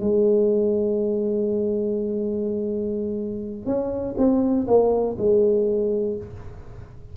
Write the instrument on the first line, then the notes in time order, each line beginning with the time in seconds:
tuba
0.00 G#3
3.66 C#4
4.17 C4
4.67 A#3
5.18 G#3